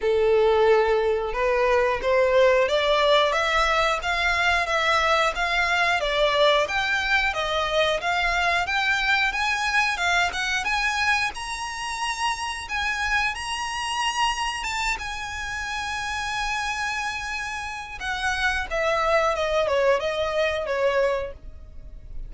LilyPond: \new Staff \with { instrumentName = "violin" } { \time 4/4 \tempo 4 = 90 a'2 b'4 c''4 | d''4 e''4 f''4 e''4 | f''4 d''4 g''4 dis''4 | f''4 g''4 gis''4 f''8 fis''8 |
gis''4 ais''2 gis''4 | ais''2 a''8 gis''4.~ | gis''2. fis''4 | e''4 dis''8 cis''8 dis''4 cis''4 | }